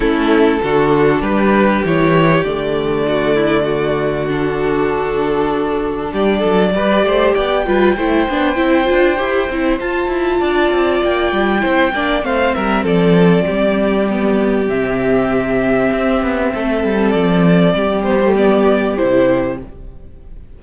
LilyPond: <<
  \new Staff \with { instrumentName = "violin" } { \time 4/4 \tempo 4 = 98 a'2 b'4 cis''4 | d''2. a'4~ | a'2 d''2 | g''1 |
a''2 g''2 | f''8 e''8 d''2. | e''1 | d''4. c''8 d''4 c''4 | }
  \new Staff \with { instrumentName = "violin" } { \time 4/4 e'4 fis'4 g'2~ | g'4 fis'8 e'8 fis'2~ | fis'2 g'8 a'8 b'8 c''8 | d''8 b'8 c''2.~ |
c''4 d''2 c''8 d''8 | c''8 ais'8 a'4 g'2~ | g'2. a'4~ | a'4 g'2. | }
  \new Staff \with { instrumentName = "viola" } { \time 4/4 cis'4 d'2 e'4 | a2. d'4~ | d'2. g'4~ | g'8 f'8 e'8 d'8 e'8 f'8 g'8 e'8 |
f'2. e'8 d'8 | c'2. b4 | c'1~ | c'4. b16 a16 b4 e'4 | }
  \new Staff \with { instrumentName = "cello" } { \time 4/4 a4 d4 g4 e4 | d1~ | d2 g8 fis8 g8 a8 | b8 g8 a8 b8 c'8 d'8 e'8 c'8 |
f'8 e'8 d'8 c'8 ais8 g8 c'8 ais8 | a8 g8 f4 g2 | c2 c'8 b8 a8 g8 | f4 g2 c4 | }
>>